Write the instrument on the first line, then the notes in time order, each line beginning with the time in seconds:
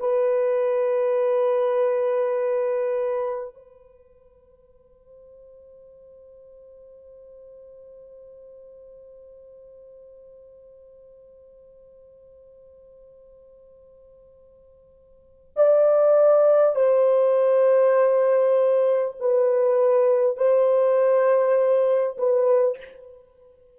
horn
0.00 B4
3.55 C5
15.57 D5
16.76 C5
19.20 B4
20.37 C5
22.18 B4